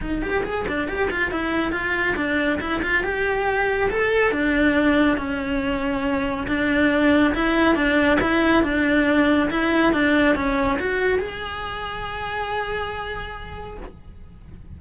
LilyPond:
\new Staff \with { instrumentName = "cello" } { \time 4/4 \tempo 4 = 139 dis'8 g'8 gis'8 d'8 g'8 f'8 e'4 | f'4 d'4 e'8 f'8 g'4~ | g'4 a'4 d'2 | cis'2. d'4~ |
d'4 e'4 d'4 e'4 | d'2 e'4 d'4 | cis'4 fis'4 gis'2~ | gis'1 | }